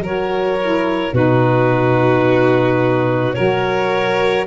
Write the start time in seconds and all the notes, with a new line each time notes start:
0.00 F#3 F#4 A#4 C#5
0.61 E4
1.12 B2 D#4 F#4 B4
3.34 F#3 F#4 A#4 C#5